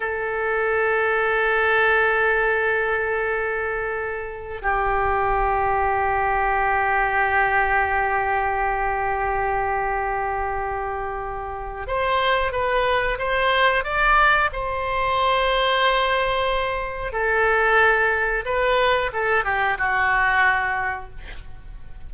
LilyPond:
\new Staff \with { instrumentName = "oboe" } { \time 4/4 \tempo 4 = 91 a'1~ | a'2. g'4~ | g'1~ | g'1~ |
g'2 c''4 b'4 | c''4 d''4 c''2~ | c''2 a'2 | b'4 a'8 g'8 fis'2 | }